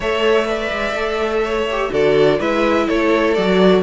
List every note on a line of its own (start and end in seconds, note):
0.00 0.70 A3
0.00 0.45 A4
0.00 0.47 C#5
0.00 1.93 E5
0.45 0.93 B4
0.45 1.43 D5
0.71 0.93 G#3
0.93 1.89 A3
0.93 1.67 A4
1.43 1.91 C#5
1.70 1.90 G4
1.90 2.39 D3
1.90 2.38 F#4
1.90 2.39 A4
1.90 2.41 D5
2.39 2.87 G#3
2.39 3.36 E4
2.39 2.87 B4
2.39 2.88 E5
2.87 3.37 A3
2.87 3.82 A4
2.87 3.34 C#5
3.34 3.82 F#3
3.34 3.82 F#4
3.34 3.82 D5